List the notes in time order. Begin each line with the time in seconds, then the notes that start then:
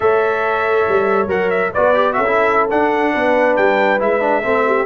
0.00 A3 A4 C#5 E5
0.88 G3
1.27 F#3 A#4 F#5
1.50 E5
1.72 B3 F#4 B4 D5
1.94 G4
2.12 C#4 F#4 A4 E5
2.26 E4
2.70 D4 F#5
3.13 B3 B4
3.56 G3 G5
3.99 G#3 E4 E5
4.20 D4
4.41 A3 C4 A4
4.66 G4